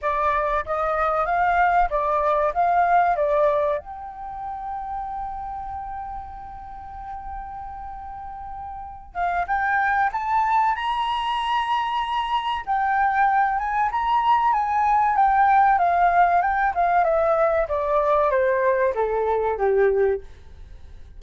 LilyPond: \new Staff \with { instrumentName = "flute" } { \time 4/4 \tempo 4 = 95 d''4 dis''4 f''4 d''4 | f''4 d''4 g''2~ | g''1~ | g''2~ g''8 f''8 g''4 |
a''4 ais''2. | g''4. gis''8 ais''4 gis''4 | g''4 f''4 g''8 f''8 e''4 | d''4 c''4 a'4 g'4 | }